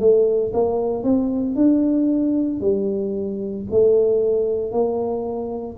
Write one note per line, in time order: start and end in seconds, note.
0.00 0.53 A3
0.54 1.04 A#3
1.04 1.56 C4
1.56 2.61 D4
2.61 3.67 G3
3.71 4.72 A3
4.72 5.78 A#3